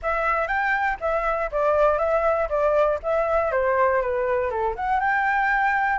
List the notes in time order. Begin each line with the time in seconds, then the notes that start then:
0.02 E5
0.47 G5
1.00 E5
1.51 D5
1.98 E5
2.49 D5
3.02 E5
3.51 C5
4.01 B4
4.50 A4
4.76 F#5
5.00 G5